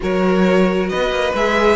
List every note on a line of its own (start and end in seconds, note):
0.00 0.92 F#3
0.00 1.34 F#4
0.00 0.89 A#4
0.00 0.88 C#5
0.88 1.10 B3
0.88 1.76 B4
0.88 1.33 D#5
1.10 1.33 A#3
1.34 1.76 G#3
1.34 1.76 G#4
1.34 1.76 E5